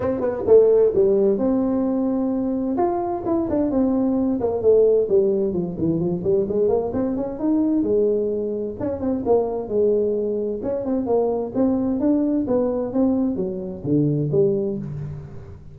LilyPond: \new Staff \with { instrumentName = "tuba" } { \time 4/4 \tempo 4 = 130 c'8 b8 a4 g4 c'4~ | c'2 f'4 e'8 d'8 | c'4. ais8 a4 g4 | f8 e8 f8 g8 gis8 ais8 c'8 cis'8 |
dis'4 gis2 cis'8 c'8 | ais4 gis2 cis'8 c'8 | ais4 c'4 d'4 b4 | c'4 fis4 d4 g4 | }